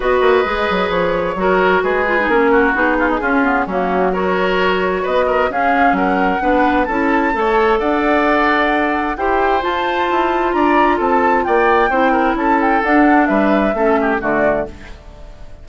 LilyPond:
<<
  \new Staff \with { instrumentName = "flute" } { \time 4/4 \tempo 4 = 131 dis''2 cis''2 | b'4 ais'4 gis'2 | fis'4 cis''2 dis''4 | f''4 fis''2 a''4~ |
a''4 fis''2. | g''4 a''2 ais''4 | a''4 g''2 a''8 g''8 | fis''4 e''2 d''4 | }
  \new Staff \with { instrumentName = "oboe" } { \time 4/4 b'2. ais'4 | gis'4. fis'4 f'16 dis'16 f'4 | cis'4 ais'2 b'8 ais'8 | gis'4 ais'4 b'4 a'4 |
cis''4 d''2. | c''2. d''4 | a'4 d''4 c''8 ais'8 a'4~ | a'4 b'4 a'8 g'8 fis'4 | }
  \new Staff \with { instrumentName = "clarinet" } { \time 4/4 fis'4 gis'2 fis'4~ | fis'8 f'16 dis'16 cis'4 dis'4 cis'8 b8 | ais4 fis'2. | cis'2 d'4 e'4 |
a'1 | g'4 f'2.~ | f'2 e'2 | d'2 cis'4 a4 | }
  \new Staff \with { instrumentName = "bassoon" } { \time 4/4 b8 ais8 gis8 fis8 f4 fis4 | gis4 ais4 b4 cis'4 | fis2. b4 | cis'4 fis4 b4 cis'4 |
a4 d'2. | e'4 f'4 e'4 d'4 | c'4 ais4 c'4 cis'4 | d'4 g4 a4 d4 | }
>>